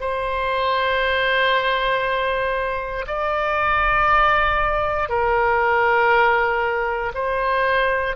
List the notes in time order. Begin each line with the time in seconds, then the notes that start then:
0.00 C5
3.06 D5
5.08 A#4
7.14 C5